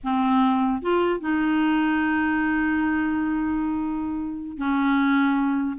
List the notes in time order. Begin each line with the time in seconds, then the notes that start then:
0.03 C4
0.81 F4
1.20 D#4
4.57 C#4